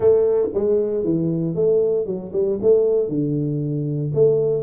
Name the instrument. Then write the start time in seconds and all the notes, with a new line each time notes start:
tuba
0.00 A3
0.54 G#3
1.03 E3
1.55 A3
2.05 F#3
2.33 G3
2.61 A3
3.08 D3
4.14 A3